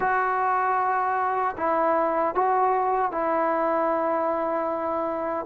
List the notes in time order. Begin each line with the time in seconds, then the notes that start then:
0.00 F#4
1.57 E4
2.34 F#4
3.11 E4